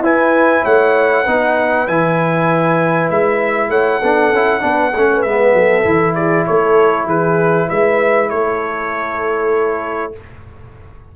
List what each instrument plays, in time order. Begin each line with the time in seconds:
0.00 tuba E4, trombone E4, horn B4, trumpet G#5
0.63 tuba A3, horn C#5, trumpet F#5
1.24 tuba B3, trombone D#4, horn B4
1.87 tuba E3, trombone E4, trumpet G#5
3.10 tuba G#3, trumpet E5
3.69 tuba A3, horn C#5, trumpet F#5
3.99 tuba B3, trombone D4, horn A4
4.32 tuba C#4, trombone E4
4.60 tuba B3, trombone D4, horn B4
4.91 tuba A3, horn A4
4.97 trombone C#4
5.12 horn B4
5.22 tuba G#3, trombone B3, trumpet E5
5.54 tuba F#3, horn A4
5.84 tuba E3, trombone E4
6.15 horn G#4, trumpet D5
6.46 tuba A3, horn A4, trumpet C#5
7.05 tuba E3, horn G#4, trumpet B4
7.68 tuba G#3, horn B4, trumpet E5
8.29 tuba A3, horn A4, trumpet C#5